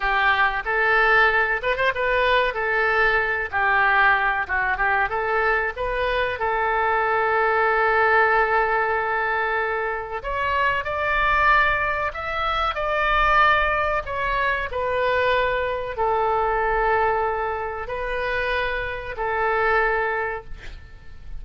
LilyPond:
\new Staff \with { instrumentName = "oboe" } { \time 4/4 \tempo 4 = 94 g'4 a'4. b'16 c''16 b'4 | a'4. g'4. fis'8 g'8 | a'4 b'4 a'2~ | a'1 |
cis''4 d''2 e''4 | d''2 cis''4 b'4~ | b'4 a'2. | b'2 a'2 | }